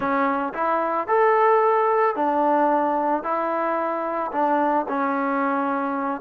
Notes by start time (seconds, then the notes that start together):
0.00 C#4
0.53 E4
1.07 A4
2.15 D4
3.23 E4
4.31 D4
4.88 C#4